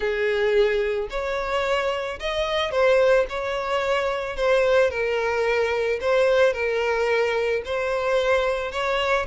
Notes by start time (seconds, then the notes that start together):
0.00 G#4
1.10 C#5
2.19 D#5
2.71 C5
3.29 C#5
4.36 C5
4.90 A#4
6.00 C5
6.53 A#4
7.65 C5
8.71 C#5